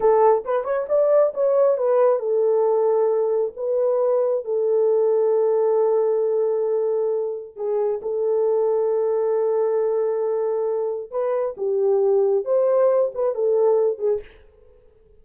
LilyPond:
\new Staff \with { instrumentName = "horn" } { \time 4/4 \tempo 4 = 135 a'4 b'8 cis''8 d''4 cis''4 | b'4 a'2. | b'2 a'2~ | a'1~ |
a'4 gis'4 a'2~ | a'1~ | a'4 b'4 g'2 | c''4. b'8 a'4. gis'8 | }